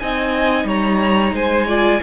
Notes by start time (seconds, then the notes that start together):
0.00 C4 D#4 D#5 G#5
0.65 G3 C#5 A#5
1.33 G#3 C5 G#5
1.68 F4 D5